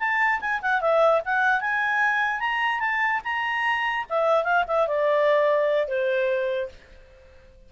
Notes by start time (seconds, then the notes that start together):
0.00 A5
0.41 G#5
0.62 F#5
0.81 E5
1.25 F#5
1.61 G#5
2.40 A#5
2.80 A5
3.25 A#5
4.10 E5
4.44 F5
4.68 E5
4.88 D5
5.88 C5